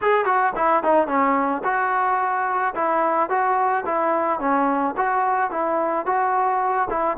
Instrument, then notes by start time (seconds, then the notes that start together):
trombone
0.01 G#4
0.25 F#4
0.55 E4
0.83 D#4
1.07 C#4
1.64 F#4
2.74 E4
3.29 F#4
3.85 E4
4.39 C#4
4.96 F#4
5.50 E4
6.06 F#4
6.90 E4